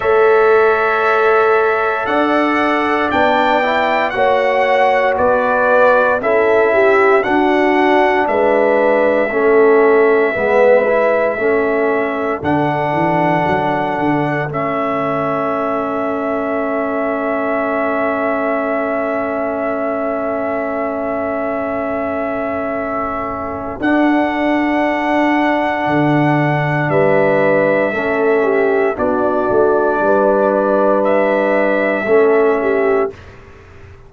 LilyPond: <<
  \new Staff \with { instrumentName = "trumpet" } { \time 4/4 \tempo 4 = 58 e''2 fis''4 g''4 | fis''4 d''4 e''4 fis''4 | e''1 | fis''2 e''2~ |
e''1~ | e''2. fis''4~ | fis''2 e''2 | d''2 e''2 | }
  \new Staff \with { instrumentName = "horn" } { \time 4/4 cis''2 d''2 | cis''4 b'4 a'8 g'8 fis'4 | b'4 a'4 b'4 a'4~ | a'1~ |
a'1~ | a'1~ | a'2 b'4 a'8 g'8 | fis'4 b'2 a'8 g'8 | }
  \new Staff \with { instrumentName = "trombone" } { \time 4/4 a'2. d'8 e'8 | fis'2 e'4 d'4~ | d'4 cis'4 b8 e'8 cis'4 | d'2 cis'2~ |
cis'1~ | cis'2. d'4~ | d'2. cis'4 | d'2. cis'4 | }
  \new Staff \with { instrumentName = "tuba" } { \time 4/4 a2 d'4 b4 | ais4 b4 cis'4 d'4 | gis4 a4 gis4 a4 | d8 e8 fis8 d8 a2~ |
a1~ | a2. d'4~ | d'4 d4 g4 a4 | b8 a8 g2 a4 | }
>>